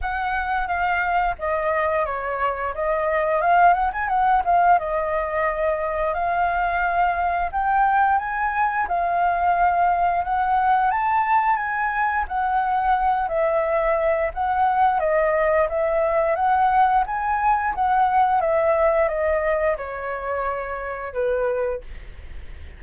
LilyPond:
\new Staff \with { instrumentName = "flute" } { \time 4/4 \tempo 4 = 88 fis''4 f''4 dis''4 cis''4 | dis''4 f''8 fis''16 gis''16 fis''8 f''8 dis''4~ | dis''4 f''2 g''4 | gis''4 f''2 fis''4 |
a''4 gis''4 fis''4. e''8~ | e''4 fis''4 dis''4 e''4 | fis''4 gis''4 fis''4 e''4 | dis''4 cis''2 b'4 | }